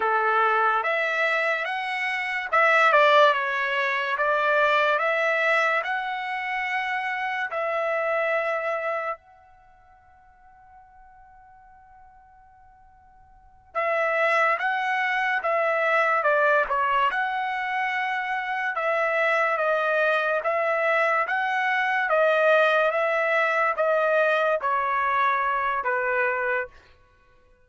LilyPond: \new Staff \with { instrumentName = "trumpet" } { \time 4/4 \tempo 4 = 72 a'4 e''4 fis''4 e''8 d''8 | cis''4 d''4 e''4 fis''4~ | fis''4 e''2 fis''4~ | fis''1~ |
fis''8 e''4 fis''4 e''4 d''8 | cis''8 fis''2 e''4 dis''8~ | dis''8 e''4 fis''4 dis''4 e''8~ | e''8 dis''4 cis''4. b'4 | }